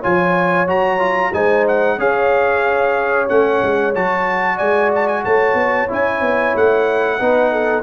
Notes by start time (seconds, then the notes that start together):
0.00 F3 F4 C#5 G#5
0.67 F#3 F#4 A#5
0.99 F4
1.33 G#3 D#4 C5 G#5
1.68 F#5
1.98 C#4 G#4 C#5 F5
3.29 A3 C#4 F#5
3.63 G#3
3.95 F#3 F#4 A5
4.56 G#3 D5 G#5
4.96 A5
5.08 G#5
5.24 A3 C#5 A5
5.54 B3
5.88 C#4 E4 G#5
6.21 B3
6.55 A3 F#5
7.19 B3 D#4 B4
7.52 A4